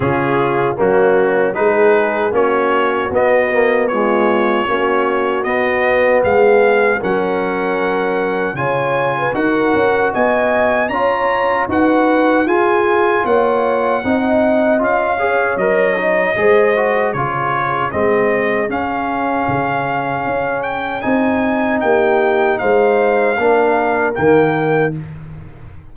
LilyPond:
<<
  \new Staff \with { instrumentName = "trumpet" } { \time 4/4 \tempo 4 = 77 gis'4 fis'4 b'4 cis''4 | dis''4 cis''2 dis''4 | f''4 fis''2 gis''4 | fis''4 gis''4 ais''4 fis''4 |
gis''4 fis''2 f''4 | dis''2 cis''4 dis''4 | f''2~ f''8 g''8 gis''4 | g''4 f''2 g''4 | }
  \new Staff \with { instrumentName = "horn" } { \time 4/4 f'4 cis'4 gis'4 fis'4~ | fis'4 f'4 fis'2 | gis'4 ais'2 cis''8. b'16 | ais'4 dis''4 cis''4 b'4 |
gis'4 cis''4 dis''4. cis''8~ | cis''4 c''4 gis'2~ | gis'1 | g'4 c''4 ais'2 | }
  \new Staff \with { instrumentName = "trombone" } { \time 4/4 cis'4 ais4 dis'4 cis'4 | b8 ais8 gis4 cis'4 b4~ | b4 cis'2 f'4 | fis'2 f'4 fis'4 |
f'2 dis'4 f'8 gis'8 | ais'8 dis'8 gis'8 fis'8 f'4 c'4 | cis'2. dis'4~ | dis'2 d'4 ais4 | }
  \new Staff \with { instrumentName = "tuba" } { \time 4/4 cis4 fis4 gis4 ais4 | b2 ais4 b4 | gis4 fis2 cis4 | dis'8 cis'8 b4 cis'4 dis'4 |
f'4 ais4 c'4 cis'4 | fis4 gis4 cis4 gis4 | cis'4 cis4 cis'4 c'4 | ais4 gis4 ais4 dis4 | }
>>